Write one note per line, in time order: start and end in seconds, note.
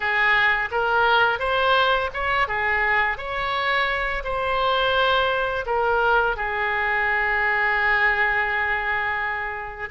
0.00 0.69 G#4
0.71 1.39 A#4
1.39 2.10 C5
2.13 2.47 C#5
2.47 3.17 G#4
3.17 4.23 C#5
4.24 5.65 C5
5.66 6.36 A#4
6.36 9.89 G#4